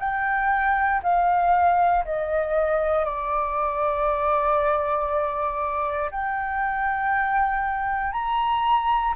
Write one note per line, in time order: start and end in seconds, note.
0.00 1.02 G5
1.03 2.05 F5
2.05 3.06 D#5
3.06 6.11 D5
6.11 8.12 G5
8.12 9.14 A#5